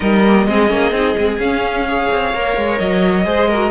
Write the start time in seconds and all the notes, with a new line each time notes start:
0.00 G3 D#4 A#4 D#5
0.25 A#3
0.46 G#3 C4 G#4
0.68 A#3 C#4
0.91 C4 D#4
1.17 G#3 C4
1.38 C#4 F5
1.88 G#4 C#5
2.11 C4
2.33 A#3 A#4
2.56 G#3
2.78 F#3 D#5
3.25 G#3 G#4 C5
3.48 F#4 A#4